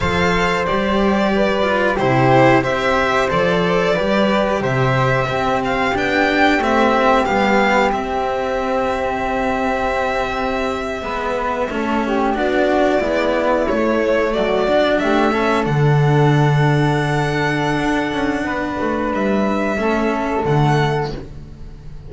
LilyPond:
<<
  \new Staff \with { instrumentName = "violin" } { \time 4/4 \tempo 4 = 91 f''4 d''2 c''4 | e''4 d''2 e''4~ | e''8 f''8 g''4 e''4 f''4 | e''1~ |
e''2~ e''8. d''4~ d''16~ | d''8. cis''4 d''4 e''4 fis''16~ | fis''1~ | fis''4 e''2 fis''4 | }
  \new Staff \with { instrumentName = "flute" } { \time 4/4 c''2 b'4 g'4 | c''2 b'4 c''4 | g'1~ | g'1~ |
g'8. b'4 a'8 g'8 fis'4 e'16~ | e'4.~ e'16 fis'4 g'8 a'8.~ | a'1 | b'2 a'2 | }
  \new Staff \with { instrumentName = "cello" } { \time 4/4 a'4 g'4. f'8 e'4 | g'4 a'4 g'2 | c'4 d'4 c'4 b4 | c'1~ |
c'8. b4 cis'4 d'4 b16~ | b8. a4. d'4 cis'8 d'16~ | d'1~ | d'2 cis'4 a4 | }
  \new Staff \with { instrumentName = "double bass" } { \time 4/4 f4 g2 c4 | c'4 f4 g4 c4 | c'4 b4 a4 g4 | c'1~ |
c'8. gis4 a4 b4 gis16~ | gis8. a4 fis4 a4 d16~ | d2. d'8 cis'8 | b8 a8 g4 a4 d4 | }
>>